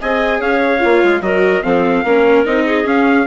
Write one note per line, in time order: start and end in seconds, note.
0.00 0.40 C4
0.00 0.79 G#4
0.00 0.39 D#5
0.00 0.41 G#5
0.39 0.81 C#4
0.39 1.21 C#5
0.39 1.22 F5
0.79 1.03 A#3
0.79 1.20 F4
1.03 1.21 G#3
1.21 1.62 F#3
1.21 1.62 F#4
1.21 1.64 A#4
1.21 1.63 D#5
1.62 2.03 F3
1.62 2.03 C4
1.62 2.04 A4
1.62 2.45 F5
2.03 2.44 A#3
2.03 2.45 C#4
2.03 2.65 A#4
2.45 2.84 C4
2.45 2.83 D#4
2.45 2.86 D#5
2.65 3.26 G#4
2.83 3.24 C#4
2.83 3.25 C#4
2.83 3.27 F5